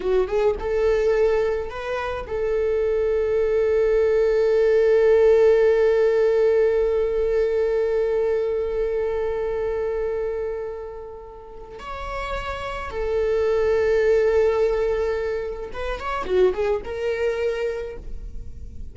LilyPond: \new Staff \with { instrumentName = "viola" } { \time 4/4 \tempo 4 = 107 fis'8 gis'8 a'2 b'4 | a'1~ | a'1~ | a'1~ |
a'1~ | a'4 cis''2 a'4~ | a'1 | b'8 cis''8 fis'8 gis'8 ais'2 | }